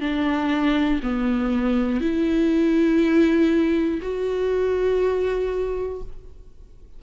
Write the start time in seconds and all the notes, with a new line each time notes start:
0.00 D4
1.02 B3
2.00 E4
4.01 F#4